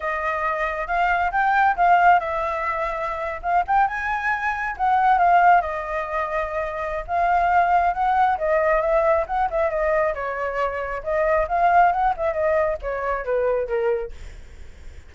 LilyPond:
\new Staff \with { instrumentName = "flute" } { \time 4/4 \tempo 4 = 136 dis''2 f''4 g''4 | f''4 e''2~ e''8. f''16~ | f''16 g''8 gis''2 fis''4 f''16~ | f''8. dis''2.~ dis''16 |
f''2 fis''4 dis''4 | e''4 fis''8 e''8 dis''4 cis''4~ | cis''4 dis''4 f''4 fis''8 e''8 | dis''4 cis''4 b'4 ais'4 | }